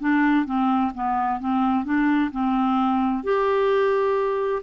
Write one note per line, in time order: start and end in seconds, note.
0.00 0.46 D4
0.46 0.92 C4
0.94 1.40 B3
1.40 1.85 C4
1.85 2.31 D4
2.31 3.24 C4
3.24 4.62 G4